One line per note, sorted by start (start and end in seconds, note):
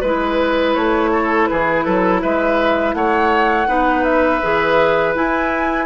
0.00 0.75 G#3
0.00 3.68 E4
0.00 1.10 B4
0.00 0.74 B4
0.74 1.48 A3
0.74 1.46 C#5
1.12 1.48 A4
1.46 1.86 E3
1.46 1.84 G#4
1.46 2.20 B4
1.84 2.22 F#3
1.84 2.21 A4
2.21 2.93 G#3
2.21 2.94 B4
2.21 2.94 E5
2.93 3.67 A3
2.93 3.67 C#5
2.93 4.03 F#5
3.67 4.40 B3
3.67 4.41 D#4
3.67 5.86 B4
4.03 5.13 E5
4.41 5.15 E3
4.41 5.15 G#4
5.15 5.86 E4
5.15 5.86 G#5